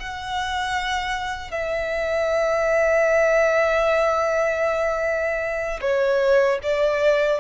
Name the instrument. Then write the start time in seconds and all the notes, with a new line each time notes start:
violin
0.00 F#5
1.51 E5
5.81 C#5
6.63 D5